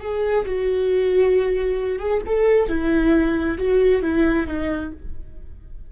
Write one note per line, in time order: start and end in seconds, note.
0.00 0.45 G#4
0.45 1.99 F#4
1.99 2.21 G#4
2.26 2.68 A4
2.68 3.58 E4
3.58 4.02 F#4
4.02 4.47 E4
4.47 4.92 D#4